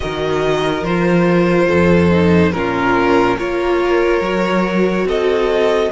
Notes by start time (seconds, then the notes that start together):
0.00 D#3 F#4 A#4 D#5
0.82 F3 F4 C5
1.67 F2 A4
2.10 D#4
2.52 A#2 C#4 F4 A#4
3.36 A#3 F4 A#4 C#5
4.20 F#3 F#4
5.04 C4 A4 D#5